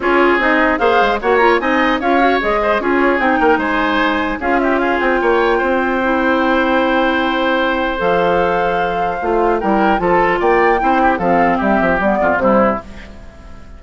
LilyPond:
<<
  \new Staff \with { instrumentName = "flute" } { \time 4/4 \tempo 4 = 150 cis''4 dis''4 f''4 fis''8 ais''8 | gis''4 f''4 dis''4 cis''4 | g''4 gis''2 f''8 e''8 | f''8 g''2.~ g''8~ |
g''1 | f''1 | g''4 a''4 g''2 | f''4 e''4 d''4 c''4 | }
  \new Staff \with { instrumentName = "oboe" } { \time 4/4 gis'2 c''4 cis''4 | dis''4 cis''4. c''8 gis'4~ | gis'8 ais'8 c''2 gis'8 g'8 | gis'4 cis''4 c''2~ |
c''1~ | c''1 | ais'4 a'4 d''4 c''8 g'8 | a'4 g'4. f'8 e'4 | }
  \new Staff \with { instrumentName = "clarinet" } { \time 4/4 f'4 dis'4 gis'4 fis'8 f'8 | dis'4 f'8 fis'8 gis'4 f'4 | dis'2. f'4~ | f'2. e'4~ |
e'1 | a'2. f'4 | e'4 f'2 e'4 | c'2 b4 g4 | }
  \new Staff \with { instrumentName = "bassoon" } { \time 4/4 cis'4 c'4 ais8 gis8 ais4 | c'4 cis'4 gis4 cis'4 | c'8 ais8 gis2 cis'4~ | cis'8 c'8 ais4 c'2~ |
c'1 | f2. a4 | g4 f4 ais4 c'4 | f4 g8 f8 g8 f,8 c4 | }
>>